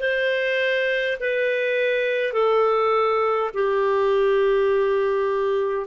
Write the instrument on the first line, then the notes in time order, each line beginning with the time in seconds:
clarinet
0.00 C5
1.20 B4
2.33 A4
3.54 G4